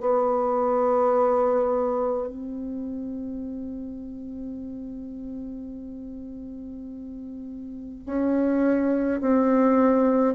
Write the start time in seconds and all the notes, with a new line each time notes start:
0.00 B3
2.28 C4
8.06 C#4
9.20 C4